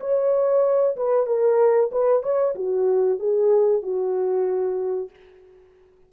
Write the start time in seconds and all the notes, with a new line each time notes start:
0.00 C#5
0.96 B4
1.26 A#4
1.91 B4
2.23 C#5
2.55 F#4
3.19 G#4
3.82 F#4